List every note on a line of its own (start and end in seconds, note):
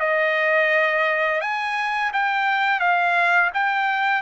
0.00 1.41 D#5
1.41 2.12 G#5
2.13 2.80 G5
2.80 3.51 F5
3.54 4.22 G5